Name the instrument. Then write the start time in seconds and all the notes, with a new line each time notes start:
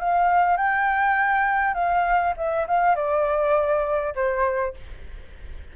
flute
0.00 F5
0.57 G5
1.74 F5
2.37 E5
2.67 F5
2.95 D5
4.15 C5